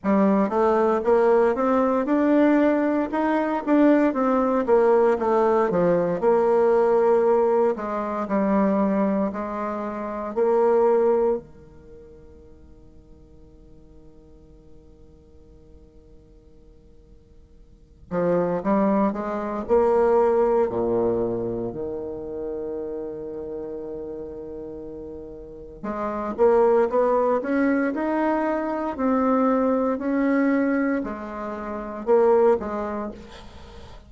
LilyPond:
\new Staff \with { instrumentName = "bassoon" } { \time 4/4 \tempo 4 = 58 g8 a8 ais8 c'8 d'4 dis'8 d'8 | c'8 ais8 a8 f8 ais4. gis8 | g4 gis4 ais4 dis4~ | dis1~ |
dis4. f8 g8 gis8 ais4 | ais,4 dis2.~ | dis4 gis8 ais8 b8 cis'8 dis'4 | c'4 cis'4 gis4 ais8 gis8 | }